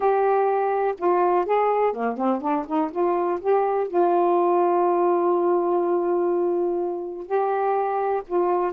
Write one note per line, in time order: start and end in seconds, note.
0.00 0.95 G4
0.98 1.45 F4
1.45 1.92 G#4
1.92 2.17 A#3
2.17 2.41 C4
2.41 2.65 D4
2.66 2.91 D#4
2.91 3.39 F4
3.40 3.87 G4
3.87 7.25 F4
7.25 8.22 G4
8.27 8.72 F4